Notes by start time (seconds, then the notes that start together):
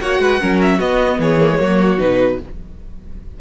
0.00 A#3 F#4 C#5 F#5
0.20 G#3 B4
0.40 F#3 C#4 A#4
0.62 E5
0.78 B3 F#4 D#5
1.19 E3 G#4 C#5
1.41 A#3
1.51 G#3
1.59 F#3 A#3 F#4
1.99 B2 D#4 B4